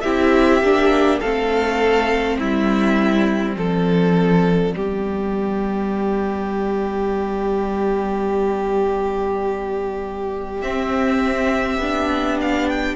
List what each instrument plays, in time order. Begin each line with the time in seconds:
0.00 cello C4, viola E4, violin G4 E5
0.62 cello A#3, viola D4
1.19 cello A3, viola C4, violin A4 F5
2.38 cello G3, violin E4 E5
3.55 cello F3, violin A4 D5
4.73 cello G3, viola B3, violin G4
10.61 cello C4, viola C4, violin E5
11.77 cello B3, viola D4
12.40 violin F5
12.68 violin G5